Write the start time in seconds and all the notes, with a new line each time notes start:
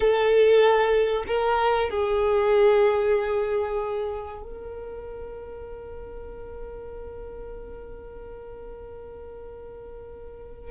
0.00 A4
1.27 A#4
1.89 G#4
4.42 A#4